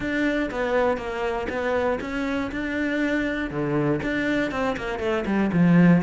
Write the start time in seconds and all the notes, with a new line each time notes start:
0.00 D4
0.50 B3
0.97 A#3
1.49 B3
2.00 C#4
2.51 D4
3.50 D3
4.02 D4
4.51 C4
4.76 A#3
4.99 A3
5.25 G3
5.52 F3